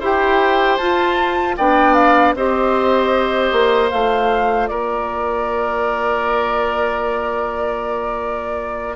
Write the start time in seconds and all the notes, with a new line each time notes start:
0.00 E4 G4 C5 G5
0.77 F4 A5
1.57 B3 D4 D5 G5
1.94 F5
2.35 C4 G4 C5 D#5
3.52 A#3
3.90 A3 F4 F5
4.68 A#3 A#4 D5